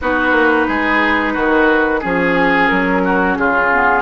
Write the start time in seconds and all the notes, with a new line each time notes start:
0.01 B3 D#4 F#4 B4
0.31 A#3
0.67 G#3 G#4
1.33 D#3 F#4
2.00 F3 C#4 G#4
2.68 F#3 A#4
3.04 F#4
3.35 C#3 F4 G#4
3.72 B3